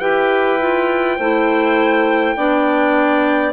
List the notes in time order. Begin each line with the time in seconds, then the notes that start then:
0.00 E4 G4 B4 G5
0.61 F4
1.17 A3 E4 C5
2.37 B3 D4 D5